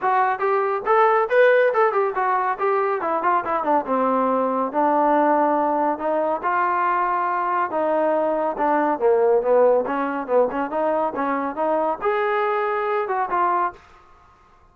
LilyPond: \new Staff \with { instrumentName = "trombone" } { \time 4/4 \tempo 4 = 140 fis'4 g'4 a'4 b'4 | a'8 g'8 fis'4 g'4 e'8 f'8 | e'8 d'8 c'2 d'4~ | d'2 dis'4 f'4~ |
f'2 dis'2 | d'4 ais4 b4 cis'4 | b8 cis'8 dis'4 cis'4 dis'4 | gis'2~ gis'8 fis'8 f'4 | }